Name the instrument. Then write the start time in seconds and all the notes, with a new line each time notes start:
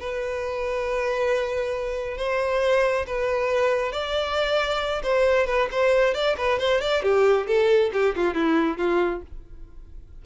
violin
0.00 B4
2.17 C5
3.07 B4
3.92 D5
5.03 C5
5.47 B4
5.71 C5
6.14 D5
6.37 B4
6.59 C5
6.81 D5
7.03 G4
7.47 A4
7.93 G4
8.16 F4
8.34 E4
8.78 F4